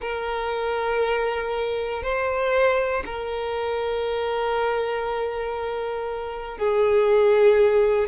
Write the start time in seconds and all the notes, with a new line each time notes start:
0.01 A#4
2.03 C5
3.05 A#4
6.58 G#4